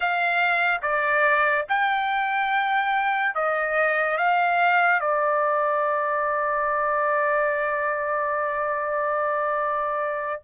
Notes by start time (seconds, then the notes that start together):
0.00 F5
0.82 D5
1.69 G5
3.34 D#5
4.17 F5
5.00 D5